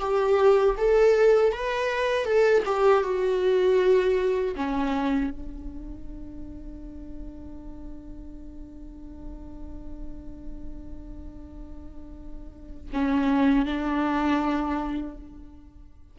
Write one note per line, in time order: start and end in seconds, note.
0.00 0.76 G4
0.78 1.53 A4
1.53 2.25 B4
2.25 2.63 A4
2.66 3.04 G4
3.04 4.56 F#4
4.57 5.31 C#4
5.31 12.90 D4
12.94 13.66 C#4
13.66 15.18 D4